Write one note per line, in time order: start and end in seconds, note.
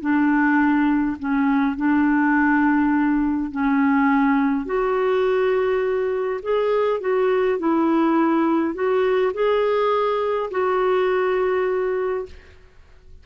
0.00 1.17 D4
1.19 1.76 C#4
1.76 3.51 D4
3.51 4.65 C#4
4.65 6.40 F#4
6.42 7.00 G#4
7.00 7.58 F#4
7.58 8.74 E4
8.74 9.32 F#4
9.33 10.50 G#4
10.51 12.25 F#4